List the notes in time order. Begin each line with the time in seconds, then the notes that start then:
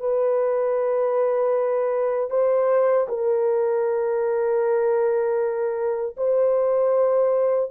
0.00 B4
2.30 C5
3.08 A#4
6.17 C5